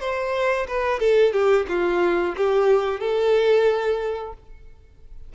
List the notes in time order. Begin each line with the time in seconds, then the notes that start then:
0.00 C5
0.67 B4
1.00 A4
1.33 G4
1.68 F4
2.37 G4
3.00 A4